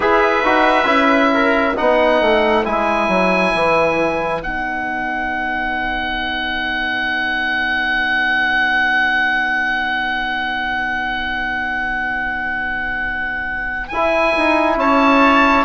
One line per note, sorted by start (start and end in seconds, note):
0.00 0.41 E4
0.00 0.43 G#4
0.00 1.31 B4
0.00 1.77 E5
0.44 0.85 D#4
0.44 0.85 F#4
0.85 1.73 C#4
0.85 1.73 E4
1.33 1.76 A#4
1.76 2.21 B3
1.76 2.64 D#4
1.76 14.77 B4
1.76 2.65 F#5
2.21 2.65 A3
2.64 3.08 G#3
2.64 4.40 E4
2.64 4.41 G#5
3.08 3.52 F#3
3.54 4.42 E3
4.40 13.90 B3
4.40 13.89 D#4
4.40 13.88 F#5
13.88 14.35 E4
13.88 15.64 E4
13.88 14.76 G#5
14.36 14.77 D#4
14.77 15.64 C#4
14.77 15.64 C#5
14.77 15.64 A5